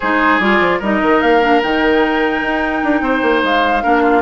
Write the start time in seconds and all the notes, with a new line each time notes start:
0.00 G#3 D#4 G#4 C5
0.39 G3 F4 D5
0.60 F3
0.79 G3 D#4 A#4 D#5
1.01 D#3
1.21 A#3 F5
1.41 D4
1.62 D#3 D#4 G5
2.42 D#4
2.83 D4
3.01 C4 C5
3.22 A#3
3.43 G#3 F5
3.82 A#3 D4 A#4
4.02 F4